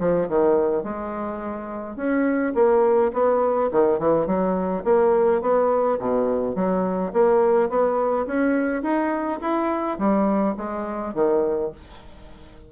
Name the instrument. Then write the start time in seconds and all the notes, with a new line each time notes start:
bassoon
0.00 F3
0.29 D#3
0.84 G#3
1.97 C#4
2.55 A#3
3.14 B3
3.72 D#3
3.99 E3
4.27 F#3
4.85 A#3
5.42 B3
5.99 B2
6.56 F#3
7.13 A#3
7.70 B3
8.27 C#4
8.83 D#4
9.42 E4
9.99 G3
10.57 G#3
11.15 D#3